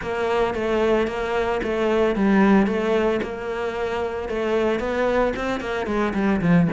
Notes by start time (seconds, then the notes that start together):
0.02 A#3
0.54 A3
1.07 A#3
1.63 A3
2.15 G3
2.66 A3
3.22 A#3
4.29 A3
4.79 B3
5.36 C4
5.60 A#3
5.86 G#3
6.13 G3
6.41 F3